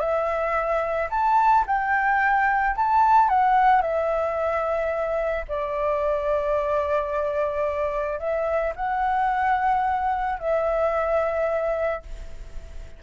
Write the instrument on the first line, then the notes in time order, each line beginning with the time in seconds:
flute
0.00 E5
1.11 A5
1.67 G5
2.76 A5
3.29 F#5
3.82 E5
5.49 D5
8.19 E5
8.76 F#5
10.40 E5